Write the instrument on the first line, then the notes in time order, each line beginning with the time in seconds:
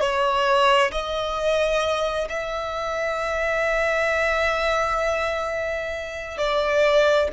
violin
0.00 C#5
0.91 D#5
2.29 E5
6.38 D5